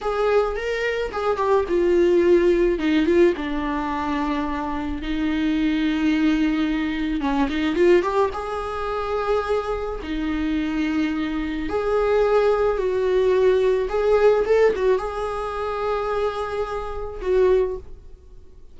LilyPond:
\new Staff \with { instrumentName = "viola" } { \time 4/4 \tempo 4 = 108 gis'4 ais'4 gis'8 g'8 f'4~ | f'4 dis'8 f'8 d'2~ | d'4 dis'2.~ | dis'4 cis'8 dis'8 f'8 g'8 gis'4~ |
gis'2 dis'2~ | dis'4 gis'2 fis'4~ | fis'4 gis'4 a'8 fis'8 gis'4~ | gis'2. fis'4 | }